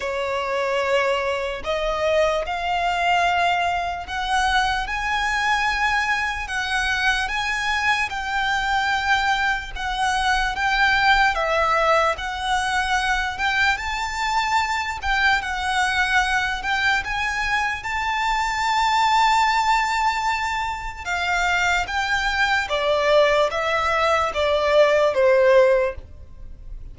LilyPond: \new Staff \with { instrumentName = "violin" } { \time 4/4 \tempo 4 = 74 cis''2 dis''4 f''4~ | f''4 fis''4 gis''2 | fis''4 gis''4 g''2 | fis''4 g''4 e''4 fis''4~ |
fis''8 g''8 a''4. g''8 fis''4~ | fis''8 g''8 gis''4 a''2~ | a''2 f''4 g''4 | d''4 e''4 d''4 c''4 | }